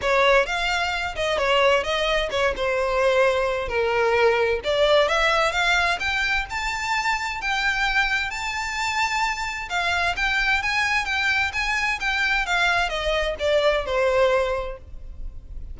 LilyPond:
\new Staff \with { instrumentName = "violin" } { \time 4/4 \tempo 4 = 130 cis''4 f''4. dis''8 cis''4 | dis''4 cis''8 c''2~ c''8 | ais'2 d''4 e''4 | f''4 g''4 a''2 |
g''2 a''2~ | a''4 f''4 g''4 gis''4 | g''4 gis''4 g''4 f''4 | dis''4 d''4 c''2 | }